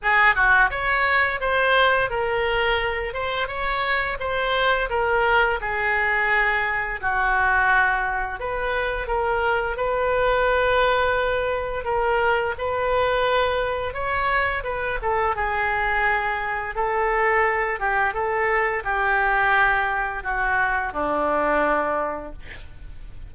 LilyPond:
\new Staff \with { instrumentName = "oboe" } { \time 4/4 \tempo 4 = 86 gis'8 fis'8 cis''4 c''4 ais'4~ | ais'8 c''8 cis''4 c''4 ais'4 | gis'2 fis'2 | b'4 ais'4 b'2~ |
b'4 ais'4 b'2 | cis''4 b'8 a'8 gis'2 | a'4. g'8 a'4 g'4~ | g'4 fis'4 d'2 | }